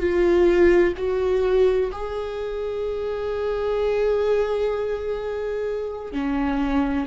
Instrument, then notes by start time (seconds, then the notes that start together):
viola
0.00 F4
0.98 F#4
1.92 G#4
6.13 C#4